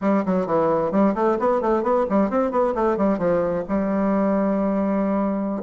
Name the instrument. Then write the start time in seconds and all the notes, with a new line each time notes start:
bassoon
0.01 G3
0.25 F#3
0.46 E3
0.91 G3
1.15 A3
1.39 B3
1.61 A3
1.82 B3
2.09 G3
2.30 C4
2.51 B3
2.74 A3
2.97 G3
3.18 F3
3.68 G3